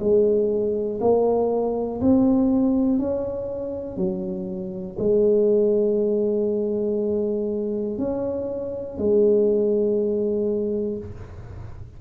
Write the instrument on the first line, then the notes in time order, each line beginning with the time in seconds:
tuba
0.00 G#3
1.01 A#3
2.01 C4
2.99 C#4
3.97 F#3
4.99 G#3
7.98 C#4
8.99 G#3